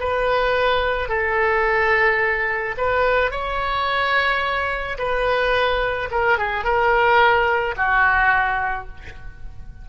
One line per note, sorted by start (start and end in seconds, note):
0.00 1.09 B4
1.09 2.76 A4
2.78 3.32 B4
3.32 4.98 C#5
4.98 6.10 B4
6.12 6.39 A#4
6.39 6.65 G#4
6.65 7.76 A#4
7.77 8.88 F#4